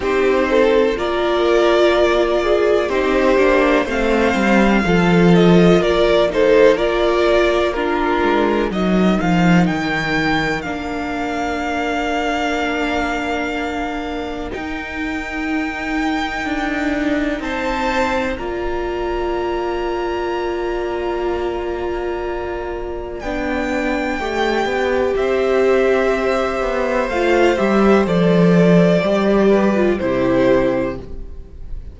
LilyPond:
<<
  \new Staff \with { instrumentName = "violin" } { \time 4/4 \tempo 4 = 62 c''4 d''2 c''4 | f''4. dis''8 d''8 c''8 d''4 | ais'4 dis''8 f''8 g''4 f''4~ | f''2. g''4~ |
g''2 a''4 ais''4~ | ais''1 | g''2 e''2 | f''8 e''8 d''2 c''4 | }
  \new Staff \with { instrumentName = "violin" } { \time 4/4 g'8 a'8 ais'4. gis'8 g'4 | c''4 a'4 ais'8 a'8 ais'4 | f'4 ais'2.~ | ais'1~ |
ais'2 c''4 d''4~ | d''1~ | d''2 c''2~ | c''2~ c''8 b'8 g'4 | }
  \new Staff \with { instrumentName = "viola" } { \time 4/4 dis'4 f'2 dis'8 d'8 | c'4 f'4. dis'8 f'4 | d'4 dis'2 d'4~ | d'2. dis'4~ |
dis'2. f'4~ | f'1 | d'4 g'2. | f'8 g'8 a'4 g'8. f'16 e'4 | }
  \new Staff \with { instrumentName = "cello" } { \time 4/4 c'4 ais2 c'8 ais8 | a8 g8 f4 ais2~ | ais8 gis8 fis8 f8 dis4 ais4~ | ais2. dis'4~ |
dis'4 d'4 c'4 ais4~ | ais1 | b4 a8 b8 c'4. b8 | a8 g8 f4 g4 c4 | }
>>